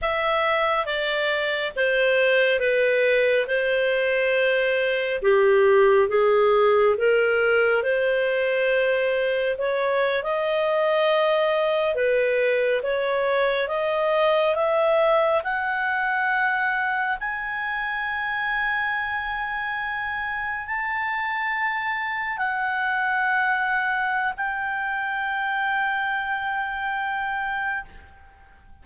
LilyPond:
\new Staff \with { instrumentName = "clarinet" } { \time 4/4 \tempo 4 = 69 e''4 d''4 c''4 b'4 | c''2 g'4 gis'4 | ais'4 c''2 cis''8. dis''16~ | dis''4.~ dis''16 b'4 cis''4 dis''16~ |
dis''8. e''4 fis''2 gis''16~ | gis''2.~ gis''8. a''16~ | a''4.~ a''16 fis''2~ fis''16 | g''1 | }